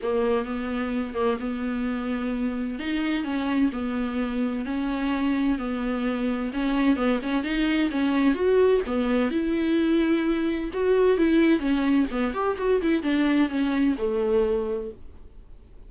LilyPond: \new Staff \with { instrumentName = "viola" } { \time 4/4 \tempo 4 = 129 ais4 b4. ais8 b4~ | b2 dis'4 cis'4 | b2 cis'2 | b2 cis'4 b8 cis'8 |
dis'4 cis'4 fis'4 b4 | e'2. fis'4 | e'4 cis'4 b8 g'8 fis'8 e'8 | d'4 cis'4 a2 | }